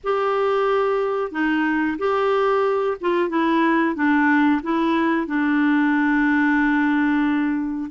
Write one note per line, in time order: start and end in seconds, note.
0.03 1.31 G4
1.31 1.97 D#4
1.98 2.97 G4
3.00 3.29 F4
3.29 3.95 E4
3.95 4.61 D4
4.62 5.27 E4
5.27 7.90 D4